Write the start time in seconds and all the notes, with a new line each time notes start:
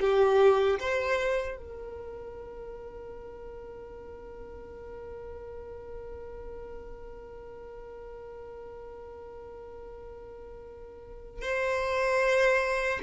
0.00 G4
0.79 C5
1.57 A#4
11.42 C5